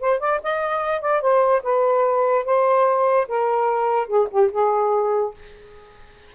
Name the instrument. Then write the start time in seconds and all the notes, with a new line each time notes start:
saxophone
0.00 C5
0.19 D5
0.43 D#5
1.01 D5
1.21 C5
1.63 B4
2.45 C5
3.28 A#4
4.07 G#4
4.30 G4
4.51 G#4